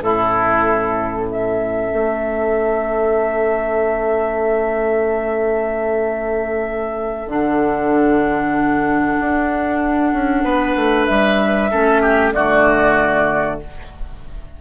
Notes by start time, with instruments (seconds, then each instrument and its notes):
0.00 bassoon A2, clarinet C#4, oboe E4, flute A4
1.29 oboe A4, flute E5
1.93 bassoon A3
7.27 bassoon D3, clarinet D4, flute F#5
9.20 bassoon D4
10.13 bassoon C#4
10.43 bassoon B3, oboe B4
10.76 bassoon A3
11.06 bassoon G3, flute E5
11.71 bassoon A3, clarinet C#4, oboe A4
12.02 oboe G4
12.33 bassoon D3, clarinet A3, oboe F#4, flute D5